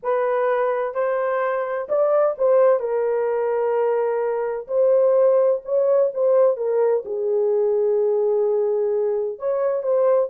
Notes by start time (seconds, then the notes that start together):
0.02 B4
0.94 C5
1.88 D5
2.38 C5
2.79 A#4
4.67 C5
5.64 C#5
6.14 C5
6.56 A#4
7.05 G#4
9.39 C#5
9.82 C5